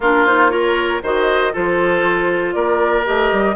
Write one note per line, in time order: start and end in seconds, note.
0.00 1.00 A#3
0.00 0.26 D4
0.00 0.51 F4
0.00 0.26 A#4
0.26 0.49 D#4
0.26 0.50 C5
0.49 1.00 F4
0.49 1.02 A#4
0.49 1.01 C#5
1.02 1.53 D#3
1.02 1.52 F#4
1.02 1.53 C5
1.02 1.54 D#5
1.52 2.55 F3
1.52 3.04 F4
1.52 2.54 A4
1.52 2.53 C5
2.53 3.06 A#3
2.53 3.55 A#4
2.53 3.03 D5
3.04 3.31 A3
3.04 3.55 G4
3.04 3.55 D#5
3.31 3.55 G3